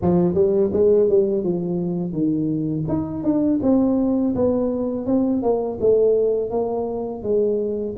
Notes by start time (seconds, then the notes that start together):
0.02 F3
0.34 G3
0.73 G#3
1.09 G3
1.43 F3
2.12 D#3
2.88 D#4
3.23 D4
3.62 C4
4.35 B3
5.06 C4
5.42 A#3
5.80 A3
6.50 A#3
7.23 G#3